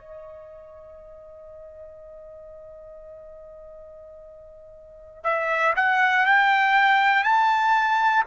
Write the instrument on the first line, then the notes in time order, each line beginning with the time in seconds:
trumpet
0.00 D#5
5.24 E5
5.76 F#5
6.26 G5
7.24 A5